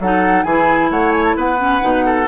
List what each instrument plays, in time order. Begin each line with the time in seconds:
0.00 bassoon F#3, clarinet D#4, oboe A4, flute F#5
0.43 bassoon E3, clarinet E4, oboe G#4, flute G#5
0.90 bassoon A3, oboe C#5, flute F#5
1.12 flute G#5
1.24 flute A5
1.36 bassoon B3, oboe B4, flute F#5
1.58 clarinet C#4
1.81 bassoon B2, clarinet D#4
2.06 oboe A4